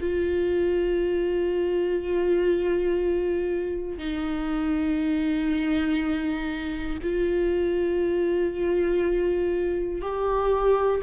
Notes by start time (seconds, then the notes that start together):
0.00 F4
3.97 D#4
7.02 F4
10.01 G4